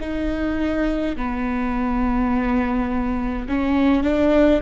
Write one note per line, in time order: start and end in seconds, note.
0.00 1.15 D#4
1.16 3.47 B3
3.48 4.03 C#4
4.03 4.60 D4